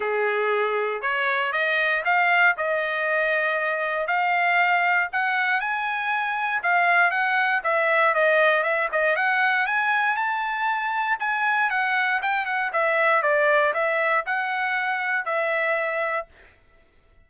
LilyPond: \new Staff \with { instrumentName = "trumpet" } { \time 4/4 \tempo 4 = 118 gis'2 cis''4 dis''4 | f''4 dis''2. | f''2 fis''4 gis''4~ | gis''4 f''4 fis''4 e''4 |
dis''4 e''8 dis''8 fis''4 gis''4 | a''2 gis''4 fis''4 | g''8 fis''8 e''4 d''4 e''4 | fis''2 e''2 | }